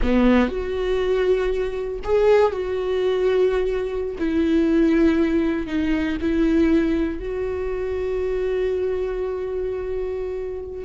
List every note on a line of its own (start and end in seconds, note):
0.02 0.48 B3
0.48 1.99 F#4
2.04 2.52 G#4
2.52 4.16 F#4
4.18 5.66 E4
5.66 6.17 D#4
6.21 7.19 E4
7.19 10.84 F#4